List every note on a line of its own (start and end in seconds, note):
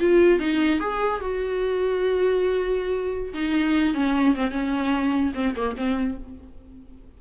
0.00 0.40 F4
0.40 0.80 D#4
0.80 1.21 G#4
1.21 3.34 F#4
3.34 3.95 D#4
3.95 4.35 C#4
4.36 4.51 C4
4.51 5.33 C#4
5.35 5.55 C4
5.56 5.76 A#3
5.77 6.18 C4